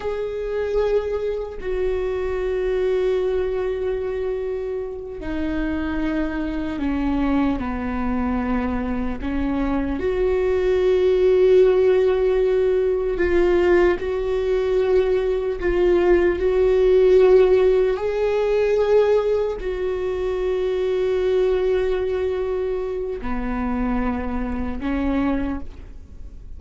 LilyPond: \new Staff \with { instrumentName = "viola" } { \time 4/4 \tempo 4 = 75 gis'2 fis'2~ | fis'2~ fis'8 dis'4.~ | dis'8 cis'4 b2 cis'8~ | cis'8 fis'2.~ fis'8~ |
fis'8 f'4 fis'2 f'8~ | f'8 fis'2 gis'4.~ | gis'8 fis'2.~ fis'8~ | fis'4 b2 cis'4 | }